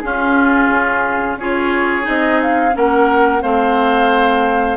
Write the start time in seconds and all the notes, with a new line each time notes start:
0.00 C#4 F4 G#4
0.69 C#3
1.36 C#4 F4 G#4 C#5
2.03 C4 D#4 D#5
2.42 F5
2.73 A#3 C#4 A#4 F#5
3.41 A3 C4 C5 F5